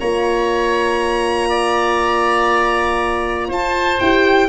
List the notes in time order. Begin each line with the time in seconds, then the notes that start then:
0.00 A#3 F4 C#5 A#5
1.50 D5
3.49 F4 C5 A5
4.00 E4 G4 G5